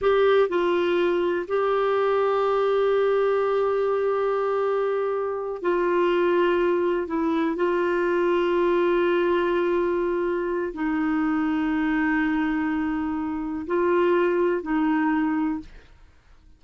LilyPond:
\new Staff \with { instrumentName = "clarinet" } { \time 4/4 \tempo 4 = 123 g'4 f'2 g'4~ | g'1~ | g'2.~ g'8 f'8~ | f'2~ f'8 e'4 f'8~ |
f'1~ | f'2 dis'2~ | dis'1 | f'2 dis'2 | }